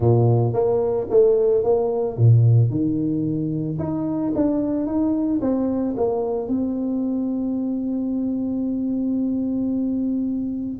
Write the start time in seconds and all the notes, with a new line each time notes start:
0.00 A#2
0.53 A#3
1.10 A3
1.63 A#3
2.17 A#2
2.70 D#3
3.78 D#4
4.35 D4
4.86 D#4
5.41 C4
5.96 A#3
6.48 C4